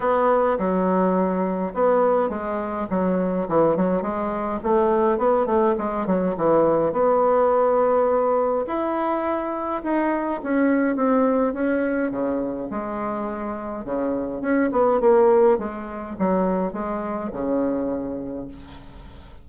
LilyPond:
\new Staff \with { instrumentName = "bassoon" } { \time 4/4 \tempo 4 = 104 b4 fis2 b4 | gis4 fis4 e8 fis8 gis4 | a4 b8 a8 gis8 fis8 e4 | b2. e'4~ |
e'4 dis'4 cis'4 c'4 | cis'4 cis4 gis2 | cis4 cis'8 b8 ais4 gis4 | fis4 gis4 cis2 | }